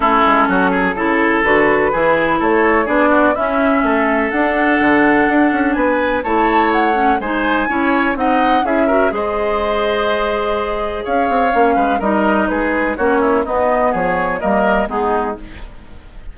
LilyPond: <<
  \new Staff \with { instrumentName = "flute" } { \time 4/4 \tempo 4 = 125 a'2. b'4~ | b'4 cis''4 d''4 e''4~ | e''4 fis''2. | gis''4 a''4 fis''4 gis''4~ |
gis''4 fis''4 e''4 dis''4~ | dis''2. f''4~ | f''4 dis''4 b'4 cis''4 | dis''4 cis''4 dis''4 gis'4 | }
  \new Staff \with { instrumentName = "oboe" } { \time 4/4 e'4 fis'8 gis'8 a'2 | gis'4 a'4 gis'8 fis'8 e'4 | a'1 | b'4 cis''2 c''4 |
cis''4 dis''4 gis'8 ais'8 c''4~ | c''2. cis''4~ | cis''8 b'8 ais'4 gis'4 fis'8 e'8 | dis'4 gis'4 ais'4 dis'4 | }
  \new Staff \with { instrumentName = "clarinet" } { \time 4/4 cis'2 e'4 fis'4 | e'2 d'4 cis'4~ | cis'4 d'2.~ | d'4 e'4. cis'8 dis'4 |
e'4 dis'4 e'8 fis'8 gis'4~ | gis'1 | cis'4 dis'2 cis'4 | b2 ais4 b4 | }
  \new Staff \with { instrumentName = "bassoon" } { \time 4/4 a8 gis8 fis4 cis4 d4 | e4 a4 b4 cis'4 | a4 d'4 d4 d'8 cis'8 | b4 a2 gis4 |
cis'4 c'4 cis'4 gis4~ | gis2. cis'8 c'8 | ais8 gis8 g4 gis4 ais4 | b4 f4 g4 gis4 | }
>>